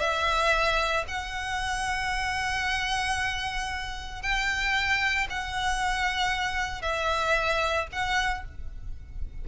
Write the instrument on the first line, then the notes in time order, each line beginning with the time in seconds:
violin
0.00 E5
1.08 F#5
4.22 G5
5.30 F#5
6.82 E5
7.92 F#5